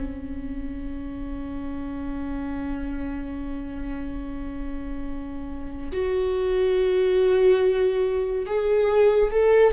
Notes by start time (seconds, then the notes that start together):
0.00 C#4
5.92 F#4
8.46 G#4
9.30 A4